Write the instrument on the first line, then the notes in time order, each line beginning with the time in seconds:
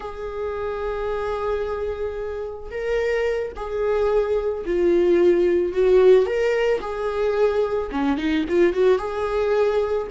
viola
0.00 G#4
2.70 A#4
3.56 G#4
4.65 F4
5.72 F#4
6.26 A#4
6.81 G#4
7.91 C#4
8.17 D#4
8.48 F4
8.73 F#4
8.98 G#4